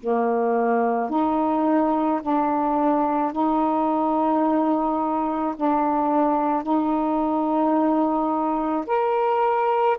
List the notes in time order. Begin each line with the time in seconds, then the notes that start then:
0.00 A#3
1.10 D#4
2.22 D4
3.33 D#4
5.57 D4
6.63 D#4
8.87 A#4